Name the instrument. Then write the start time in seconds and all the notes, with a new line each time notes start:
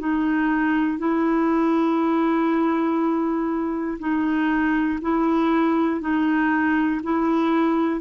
clarinet
0.00 D#4
0.99 E4
4.00 D#4
5.02 E4
6.01 D#4
7.04 E4